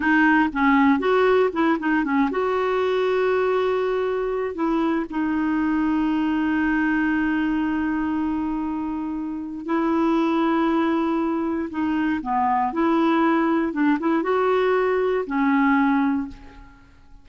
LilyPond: \new Staff \with { instrumentName = "clarinet" } { \time 4/4 \tempo 4 = 118 dis'4 cis'4 fis'4 e'8 dis'8 | cis'8 fis'2.~ fis'8~ | fis'4 e'4 dis'2~ | dis'1~ |
dis'2. e'4~ | e'2. dis'4 | b4 e'2 d'8 e'8 | fis'2 cis'2 | }